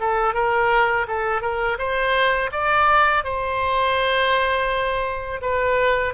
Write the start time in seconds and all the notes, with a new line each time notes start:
0.00 A4
0.34 A#4
1.07 A4
1.41 A#4
1.78 C5
2.52 D5
3.24 C5
5.42 B4